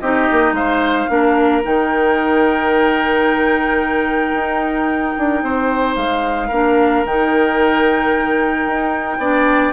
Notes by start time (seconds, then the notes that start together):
0.00 C4 D#4 G4 D#5
0.32 A#3
0.52 G#3 C5 F5
1.09 A#3 D4 A#4
1.63 D#3 D#4 G5
4.34 D#4
5.19 D4
5.43 C4 C5
5.96 G#3 F5
6.48 A#3 D4 A#4
7.05 D#3 D#4 G5
8.67 D#4
9.18 B3 D4 D5